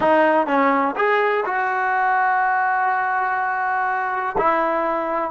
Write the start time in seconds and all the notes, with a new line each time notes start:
0.00 D#4
0.46 C#4
0.96 G#4
1.45 F#4
4.38 E4